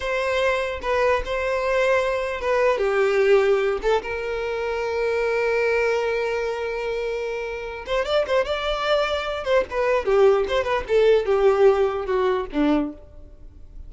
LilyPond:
\new Staff \with { instrumentName = "violin" } { \time 4/4 \tempo 4 = 149 c''2 b'4 c''4~ | c''2 b'4 g'4~ | g'4. a'8 ais'2~ | ais'1~ |
ais'2.~ ais'8 c''8 | d''8 c''8 d''2~ d''8 c''8 | b'4 g'4 c''8 b'8 a'4 | g'2 fis'4 d'4 | }